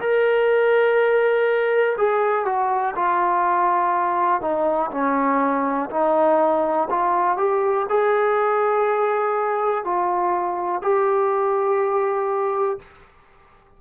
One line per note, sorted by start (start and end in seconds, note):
0.00 1.97 A#4
1.98 2.45 G#4
2.45 2.94 F#4
2.96 4.41 F4
4.41 4.90 D#4
4.91 5.90 C#4
5.90 6.89 D#4
6.90 7.37 F4
7.37 7.86 G4
7.89 9.85 G#4
9.85 10.82 F4
10.82 12.79 G4